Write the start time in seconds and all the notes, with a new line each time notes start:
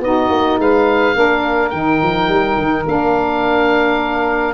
0.00 B3 D#4 F#4 D#5
0.29 A#3
0.58 G#3 B4 F5
1.15 A#3 D4 A#4
1.70 D#3 D#4 G5
2.02 F3
2.28 G3
2.57 D#3
2.85 A#3 D4 F5